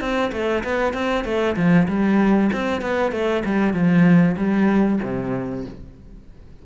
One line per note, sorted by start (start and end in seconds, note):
0.00 0.31 C4
0.32 0.63 A3
0.64 0.93 B3
0.93 1.24 C4
1.24 1.56 A3
1.56 1.87 F3
1.88 2.51 G3
2.53 2.82 C4
2.82 3.12 B3
3.12 3.43 A3
3.45 3.73 G3
3.73 4.36 F3
4.37 4.99 G3
5.03 5.65 C3